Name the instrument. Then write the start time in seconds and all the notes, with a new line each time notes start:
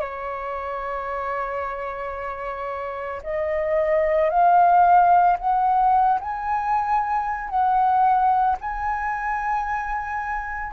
flute
0.00 C#5
3.23 D#5
4.30 F5
5.39 F#5
6.20 G#5
7.50 F#5
8.60 G#5